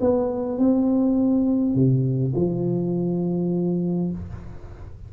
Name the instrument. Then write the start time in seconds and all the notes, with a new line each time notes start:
tuba
0.00 B3
0.58 C4
1.75 C3
2.35 F3